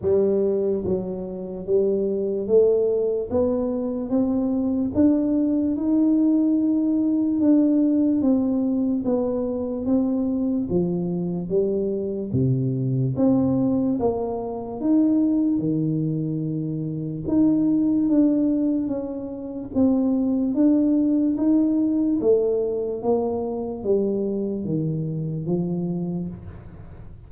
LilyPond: \new Staff \with { instrumentName = "tuba" } { \time 4/4 \tempo 4 = 73 g4 fis4 g4 a4 | b4 c'4 d'4 dis'4~ | dis'4 d'4 c'4 b4 | c'4 f4 g4 c4 |
c'4 ais4 dis'4 dis4~ | dis4 dis'4 d'4 cis'4 | c'4 d'4 dis'4 a4 | ais4 g4 dis4 f4 | }